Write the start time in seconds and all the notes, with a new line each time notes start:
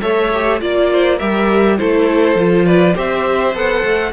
0.00 A3 A4 C#5 E5
0.34 G4
0.61 A#3 F4 D5
0.93 C5
1.18 G3 G4 A#4 E5
1.78 A3 E4 A4 C5
2.36 F3 F4
2.66 B4 D5
2.95 C4 G4 C5 E5
3.55 B3 A4 F#5
3.84 A3